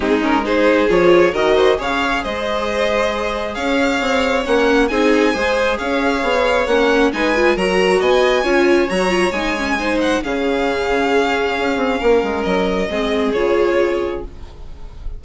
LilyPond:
<<
  \new Staff \with { instrumentName = "violin" } { \time 4/4 \tempo 4 = 135 gis'8 ais'8 c''4 cis''4 dis''4 | f''4 dis''2. | f''2 fis''4 gis''4~ | gis''4 f''2 fis''4 |
gis''4 ais''4 gis''2 | ais''4 gis''4. fis''8 f''4~ | f''1 | dis''2 cis''2 | }
  \new Staff \with { instrumentName = "violin" } { \time 4/4 dis'4 gis'2 ais'8 c''8 | cis''4 c''2. | cis''2. gis'4 | c''4 cis''2. |
b'4 ais'4 dis''4 cis''4~ | cis''2 c''4 gis'4~ | gis'2. ais'4~ | ais'4 gis'2. | }
  \new Staff \with { instrumentName = "viola" } { \time 4/4 c'8 cis'8 dis'4 f'4 fis'4 | gis'1~ | gis'2 cis'4 dis'4 | gis'2. cis'4 |
dis'8 f'8 fis'2 f'4 | fis'8 f'8 dis'8 cis'8 dis'4 cis'4~ | cis'1~ | cis'4 c'4 f'2 | }
  \new Staff \with { instrumentName = "bassoon" } { \time 4/4 gis2 f4 dis4 | cis4 gis2. | cis'4 c'4 ais4 c'4 | gis4 cis'4 b4 ais4 |
gis4 fis4 b4 cis'4 | fis4 gis2 cis4~ | cis2 cis'8 c'8 ais8 gis8 | fis4 gis4 cis2 | }
>>